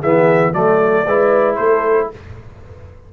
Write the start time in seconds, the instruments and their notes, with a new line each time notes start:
0.00 tuba E3, trombone B3, horn G#4, trumpet E5
0.53 tuba F#3, trombone A3, horn A4, trumpet D5
1.05 tuba G#3, trombone E4, horn B4
1.56 tuba A3, horn A4, trumpet C5